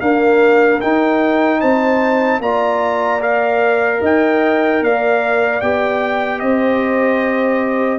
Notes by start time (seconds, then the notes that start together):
0.00 A#3 D4 A#4 F5
0.81 D#4 G5
1.60 C4 C5 A5
2.39 A#3 F4 D5 A#5
3.20 A#4 F5
4.01 D#4 D#5 G5
4.81 A#3 D5 F5
5.61 B3 G4 G5
6.39 C4 C5 D#5